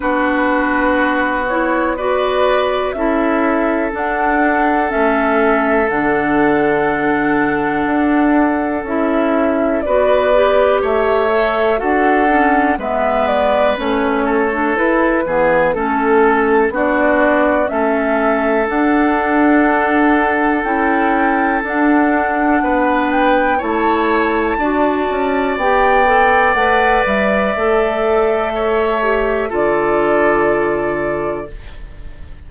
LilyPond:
<<
  \new Staff \with { instrumentName = "flute" } { \time 4/4 \tempo 4 = 61 b'4. cis''8 d''4 e''4 | fis''4 e''4 fis''2~ | fis''4 e''4 d''4 e''4 | fis''4 e''8 d''8 cis''4 b'4 |
a'4 d''4 e''4 fis''4~ | fis''4 g''4 fis''4. g''8 | a''2 g''4 fis''8 e''8~ | e''2 d''2 | }
  \new Staff \with { instrumentName = "oboe" } { \time 4/4 fis'2 b'4 a'4~ | a'1~ | a'2 b'4 cis''4 | a'4 b'4. a'4 gis'8 |
a'4 fis'4 a'2~ | a'2. b'4 | cis''4 d''2.~ | d''4 cis''4 a'2 | }
  \new Staff \with { instrumentName = "clarinet" } { \time 4/4 d'4. e'8 fis'4 e'4 | d'4 cis'4 d'2~ | d'4 e'4 fis'8 g'4 a'8 | fis'8 cis'8 b4 cis'8. d'16 e'8 b8 |
cis'4 d'4 cis'4 d'4~ | d'4 e'4 d'2 | e'4 fis'4 g'8 a'8 b'4 | a'4. g'8 f'2 | }
  \new Staff \with { instrumentName = "bassoon" } { \time 4/4 b2. cis'4 | d'4 a4 d2 | d'4 cis'4 b4 a4 | d'4 gis4 a4 e'8 e8 |
a4 b4 a4 d'4~ | d'4 cis'4 d'4 b4 | a4 d'8 cis'8 b4 a8 g8 | a2 d2 | }
>>